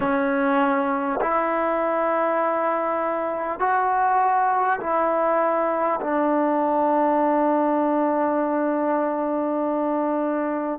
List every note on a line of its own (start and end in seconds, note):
0.00 1.20 C#4
1.21 3.59 E4
3.59 4.79 F#4
4.79 5.99 E4
6.01 10.79 D4